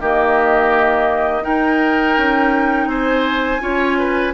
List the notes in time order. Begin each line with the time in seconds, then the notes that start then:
0.00 D#3 A#3 G4 D#5
1.42 D#4 A#4 G5
2.17 C#4
2.86 C4 C5 G#5
3.60 C#4 F4 C#5
3.98 B4